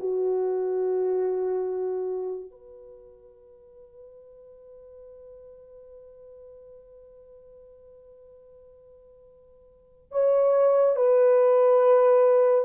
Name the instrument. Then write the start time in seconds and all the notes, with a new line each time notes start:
horn
0.00 F#4
2.51 B4
10.12 C#5
10.96 B4